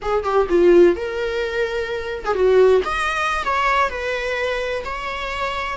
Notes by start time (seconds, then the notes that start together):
0.02 G#4
0.23 G4
0.49 F4
0.96 A#4
2.25 G#4
2.34 F#4
2.85 D#5
3.44 C#5
3.89 B4
4.84 C#5